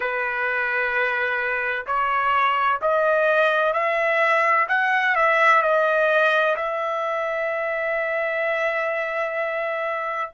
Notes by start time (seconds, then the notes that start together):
0.00 B4
1.86 C#5
2.81 D#5
3.73 E5
4.68 F#5
5.15 E5
5.62 D#5
6.56 E5